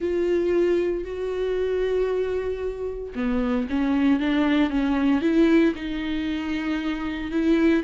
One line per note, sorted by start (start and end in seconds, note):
0.00 1.04 F4
1.04 3.13 F#4
3.15 3.67 B3
3.69 4.19 C#4
4.19 4.70 D4
4.70 5.21 C#4
5.21 5.73 E4
5.75 7.31 D#4
7.31 7.83 E4